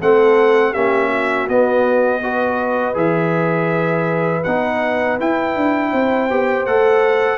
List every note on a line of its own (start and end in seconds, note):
0.00 0.75 A3
0.00 0.74 C4
0.00 0.71 A4
0.00 0.74 F#5
0.71 1.49 A#3
0.71 1.48 C#4
0.71 1.08 G4
0.71 1.48 E5
1.08 2.19 F#4
1.49 2.96 B3
1.49 2.23 B3
1.49 2.97 D#5
2.23 2.94 F#4
2.23 5.91 B4
2.94 4.44 E3
2.94 4.42 G#4
2.94 4.44 E5
4.44 5.20 B3
4.44 5.20 D#4
4.44 5.18 F#5
5.20 6.30 E4
5.20 5.56 E4
5.20 6.66 G5
5.56 5.93 D4
5.91 6.30 C4
5.91 7.38 C5
6.30 6.66 B3
6.30 6.67 G4
6.66 7.38 A3
6.66 7.38 A4
6.66 7.38 F#5